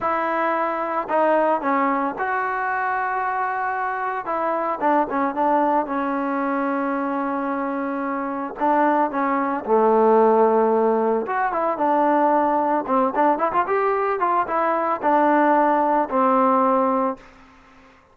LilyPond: \new Staff \with { instrumentName = "trombone" } { \time 4/4 \tempo 4 = 112 e'2 dis'4 cis'4 | fis'1 | e'4 d'8 cis'8 d'4 cis'4~ | cis'1 |
d'4 cis'4 a2~ | a4 fis'8 e'8 d'2 | c'8 d'8 e'16 f'16 g'4 f'8 e'4 | d'2 c'2 | }